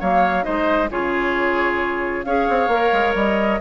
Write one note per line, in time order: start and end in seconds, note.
0.00 0.46 F#3
0.00 0.43 A#3
0.00 0.45 C#5
0.00 0.44 F5
0.43 0.91 G#3
0.43 0.88 D#4
0.43 0.90 C5
0.43 0.89 D#5
0.91 2.25 C#3
0.91 2.25 F4
0.91 2.26 G#4
0.91 2.25 C#5
2.25 2.48 C#4
2.25 2.71 G#4
2.25 3.61 C#5
2.25 3.14 F5
2.50 2.68 C4
2.68 2.90 A#3
2.68 3.61 A#4
2.93 3.15 G#3
3.15 3.60 G3
3.15 3.61 D#5